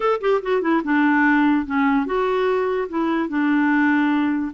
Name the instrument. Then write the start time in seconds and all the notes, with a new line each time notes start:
clarinet
0.00 A4
0.20 G4
0.42 F#4
0.61 E4
0.83 D4
1.66 C#4
2.05 F#4
2.88 E4
3.29 D4